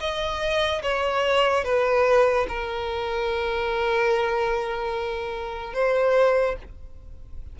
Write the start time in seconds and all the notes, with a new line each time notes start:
0.00 D#5
0.83 C#5
1.64 B4
2.49 A#4
5.74 C5